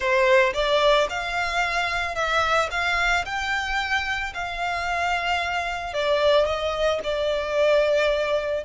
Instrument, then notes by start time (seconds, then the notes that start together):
violin
0.00 C5
0.53 D5
1.09 F5
2.15 E5
2.70 F5
3.25 G5
4.33 F5
5.93 D5
6.45 D#5
7.03 D5